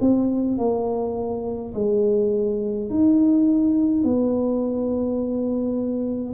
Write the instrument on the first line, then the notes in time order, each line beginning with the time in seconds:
tuba
0.00 C4
0.58 A#3
1.74 G#3
2.90 D#4
4.04 B3